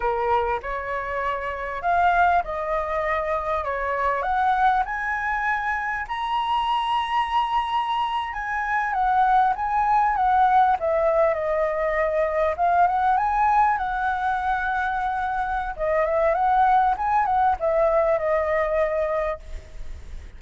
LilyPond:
\new Staff \with { instrumentName = "flute" } { \time 4/4 \tempo 4 = 99 ais'4 cis''2 f''4 | dis''2 cis''4 fis''4 | gis''2 ais''2~ | ais''4.~ ais''16 gis''4 fis''4 gis''16~ |
gis''8. fis''4 e''4 dis''4~ dis''16~ | dis''8. f''8 fis''8 gis''4 fis''4~ fis''16~ | fis''2 dis''8 e''8 fis''4 | gis''8 fis''8 e''4 dis''2 | }